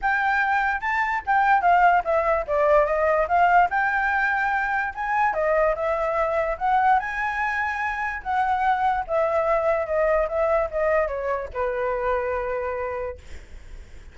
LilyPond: \new Staff \with { instrumentName = "flute" } { \time 4/4 \tempo 4 = 146 g''2 a''4 g''4 | f''4 e''4 d''4 dis''4 | f''4 g''2. | gis''4 dis''4 e''2 |
fis''4 gis''2. | fis''2 e''2 | dis''4 e''4 dis''4 cis''4 | b'1 | }